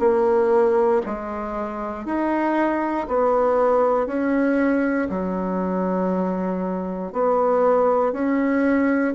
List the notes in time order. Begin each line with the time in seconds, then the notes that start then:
0.00 A#3
1.06 G#3
2.06 D#4
3.08 B3
4.07 C#4
5.10 F#3
7.13 B3
8.13 C#4